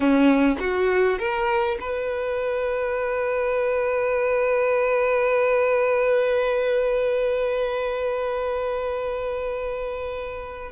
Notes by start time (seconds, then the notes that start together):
0.00 C#4
0.59 F#4
1.18 A#4
1.80 B4